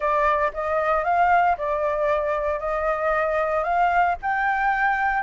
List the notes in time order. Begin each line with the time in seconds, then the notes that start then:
0.00 D5
0.53 D#5
1.04 F5
1.57 D5
2.59 D#5
3.63 F5
4.22 G5